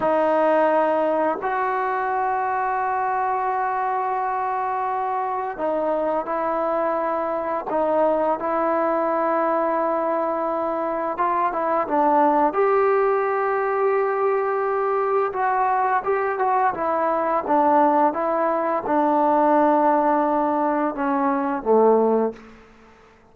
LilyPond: \new Staff \with { instrumentName = "trombone" } { \time 4/4 \tempo 4 = 86 dis'2 fis'2~ | fis'1 | dis'4 e'2 dis'4 | e'1 |
f'8 e'8 d'4 g'2~ | g'2 fis'4 g'8 fis'8 | e'4 d'4 e'4 d'4~ | d'2 cis'4 a4 | }